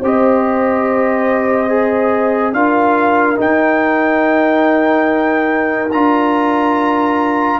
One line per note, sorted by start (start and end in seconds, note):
0.00 2.53 C4
0.00 1.68 G4
0.00 2.54 C5
0.00 2.53 D#5
1.68 2.53 G#4
2.53 3.37 D4
2.53 3.36 F4
2.53 7.60 A#4
2.53 3.38 F5
3.36 5.89 D#4
3.36 5.93 D#4
3.36 5.91 G5
5.91 7.60 D4
5.91 7.60 F4
5.91 7.60 A#5